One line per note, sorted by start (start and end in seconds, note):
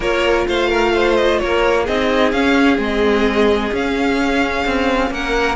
0.00 0.45 A#3
0.00 1.87 F4
0.00 0.47 A#4
0.00 0.47 C#5
0.47 1.40 A3
0.47 0.69 C5
0.47 1.16 F5
0.69 0.92 A#4
0.94 1.41 C5
1.16 1.39 D#5
1.39 1.87 A#3
1.39 1.83 A#4
1.39 1.85 C#5
1.83 2.32 C4
1.83 2.34 D#4
1.83 5.09 G#4
1.83 2.31 D#5
2.31 2.78 C#4
2.31 2.78 F5
2.78 3.71 G#3
2.78 3.71 C4
2.78 3.74 D#5
3.72 4.65 C#4
3.72 5.55 C#4
3.72 5.13 F5
4.65 5.10 C4
5.10 5.55 A#3
5.10 5.55 A#4
5.10 5.55 F#5